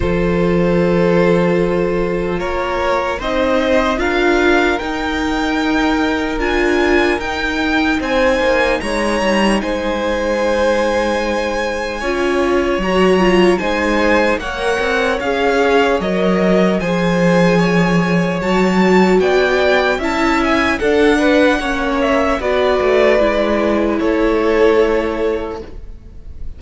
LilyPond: <<
  \new Staff \with { instrumentName = "violin" } { \time 4/4 \tempo 4 = 75 c''2. cis''4 | dis''4 f''4 g''2 | gis''4 g''4 gis''4 ais''4 | gis''1 |
ais''4 gis''4 fis''4 f''4 | dis''4 gis''2 a''4 | g''4 a''8 gis''8 fis''4. e''8 | d''2 cis''2 | }
  \new Staff \with { instrumentName = "violin" } { \time 4/4 a'2. ais'4 | c''4 ais'2.~ | ais'2 c''4 cis''4 | c''2. cis''4~ |
cis''4 c''4 cis''2~ | cis''4 c''4 cis''2 | d''4 e''4 a'8 b'8 cis''4 | b'2 a'2 | }
  \new Staff \with { instrumentName = "viola" } { \time 4/4 f'1 | dis'4 f'4 dis'2 | f'4 dis'2.~ | dis'2. f'4 |
fis'8 f'8 dis'4 ais'4 gis'4 | ais'4 gis'2 fis'4~ | fis'4 e'4 d'4 cis'4 | fis'4 e'2. | }
  \new Staff \with { instrumentName = "cello" } { \time 4/4 f2. ais4 | c'4 d'4 dis'2 | d'4 dis'4 c'8 ais8 gis8 g8 | gis2. cis'4 |
fis4 gis4 ais8 c'8 cis'4 | fis4 f2 fis4 | b4 cis'4 d'4 ais4 | b8 a8 gis4 a2 | }
>>